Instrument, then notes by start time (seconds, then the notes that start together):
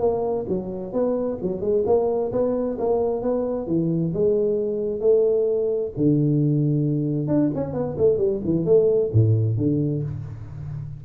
tuba
0.00 A#3
0.48 F#3
0.93 B3
1.42 F#3
1.61 G#3
1.86 A#3
2.32 B3
2.78 A#3
3.22 B3
3.67 E3
4.13 G#3
5.01 A3
5.97 D3
7.27 D4
7.55 C#4
7.73 B3
7.98 A3
8.18 G3
8.44 E3
8.65 A3
9.13 A2
9.57 D3